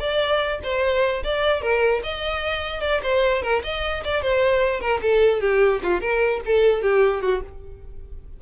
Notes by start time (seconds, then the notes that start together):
0.00 D5
0.63 C5
1.24 D5
1.62 A#4
2.04 D#5
2.81 D5
3.03 C5
3.43 A#4
3.64 D#5
4.05 D5
4.23 C5
4.81 A#4
5.02 A4
5.41 G4
5.83 F4
6.01 A#4
6.46 A4
6.82 G4
7.22 F#4